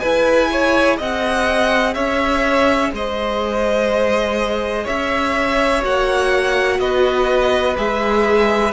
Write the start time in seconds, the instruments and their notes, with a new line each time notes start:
0.00 cello E4, viola G#4, violin B4 G#5
0.52 violin C#5
0.98 cello C4, violin D#5 F#5
1.95 cello C#4, violin C#5 E5
2.93 cello G#3, violin C5 D#5
4.84 cello C#4, violin C#5 E5
5.82 cello A#3, viola F#4, violin F#5
6.80 cello B3, violin B4 D#5
7.76 cello G#3, viola G#4, violin E5